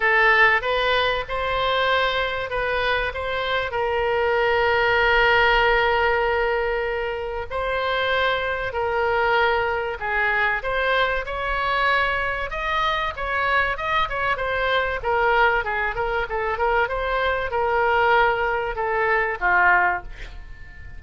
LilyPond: \new Staff \with { instrumentName = "oboe" } { \time 4/4 \tempo 4 = 96 a'4 b'4 c''2 | b'4 c''4 ais'2~ | ais'1 | c''2 ais'2 |
gis'4 c''4 cis''2 | dis''4 cis''4 dis''8 cis''8 c''4 | ais'4 gis'8 ais'8 a'8 ais'8 c''4 | ais'2 a'4 f'4 | }